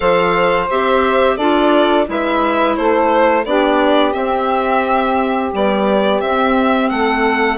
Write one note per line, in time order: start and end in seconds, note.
0.00 0.69 F3
0.00 0.66 A4
0.00 1.36 C5
0.00 0.68 F5
0.70 1.38 C4
0.70 1.39 G4
0.70 1.36 E5
1.36 2.07 D4
1.36 2.05 F4
1.36 2.05 A4
1.36 2.05 D5
2.05 2.77 G#3
2.05 3.43 E4
2.05 2.76 B4
2.05 2.75 E5
2.75 3.45 A3
2.75 3.45 A4
2.75 3.44 C5
3.45 4.14 B3
3.45 4.12 D4
3.45 6.91 G4
3.45 4.12 D5
4.12 5.50 C4
4.12 5.52 C4
4.12 5.50 E5
5.51 6.20 G3
5.51 6.22 B3
5.51 6.20 D5
6.20 6.90 C4
6.20 7.58 C4
6.20 6.89 E5
6.89 7.58 A3
6.89 7.58 A4
6.89 7.58 F#5